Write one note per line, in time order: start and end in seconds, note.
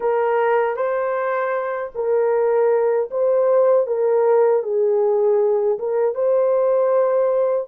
0.00 0.76 A#4
0.76 1.91 C5
1.94 3.10 A#4
3.10 3.86 C5
3.86 4.63 A#4
4.63 5.78 G#4
5.79 6.14 A#4
6.14 7.67 C5